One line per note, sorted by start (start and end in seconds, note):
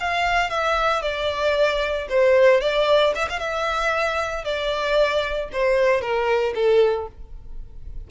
0.00 0.50 F5
0.50 1.02 E5
1.02 2.08 D5
2.10 2.61 C5
2.61 3.14 D5
3.15 3.28 E5
3.29 3.39 F5
3.39 4.45 E5
4.45 5.50 D5
5.53 6.01 C5
6.01 6.54 A#4
6.55 7.08 A4